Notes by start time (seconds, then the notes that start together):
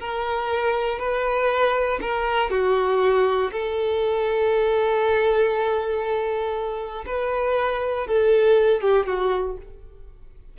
0.00 A#4
0.99 B4
2.01 A#4
2.51 F#4
3.52 A4
7.07 B4
8.08 A4
8.82 G4
9.07 F#4